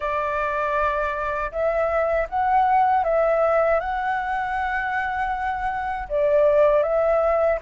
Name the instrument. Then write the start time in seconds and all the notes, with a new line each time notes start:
flute
0.00 D5
1.51 E5
2.29 F#5
3.03 E5
3.80 F#5
6.09 D5
6.83 E5